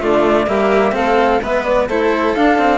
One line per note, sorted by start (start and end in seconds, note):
0.00 0.48 D3
0.00 0.47 A3
0.00 0.47 F4
0.00 0.49 D5
0.47 0.95 G3
0.47 0.92 A#3
0.47 0.95 G4
0.47 0.95 E5
0.92 1.40 A3
0.92 1.39 C4
0.92 1.42 A4
0.92 1.42 F5
1.40 1.87 G#3
1.40 1.90 B3
1.40 1.88 B4
1.40 1.64 E5
1.64 1.87 D5
1.88 2.35 A3
1.88 2.37 E4
1.88 2.79 A4
1.88 2.35 C5
2.35 2.79 D4
2.35 2.59 D4
2.35 2.79 F5
2.59 2.79 C4